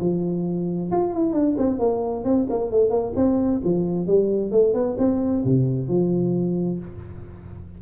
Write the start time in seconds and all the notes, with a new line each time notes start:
0.00 F3
0.91 F4
1.14 E4
1.33 D4
1.58 C4
1.79 A#3
2.24 C4
2.50 A#3
2.71 A3
2.90 A#3
3.16 C4
3.64 F3
4.07 G3
4.51 A3
4.74 B3
4.98 C4
5.45 C3
5.88 F3